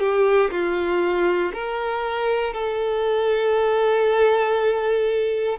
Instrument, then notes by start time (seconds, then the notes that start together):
violin
0.00 G4
0.51 F4
1.54 A#4
2.54 A4